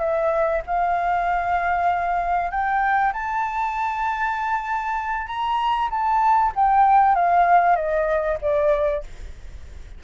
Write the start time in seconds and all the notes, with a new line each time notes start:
0.00 E5
0.67 F5
2.51 G5
3.13 A5
5.27 A#5
5.90 A5
6.55 G5
7.15 F5
7.76 D#5
8.42 D5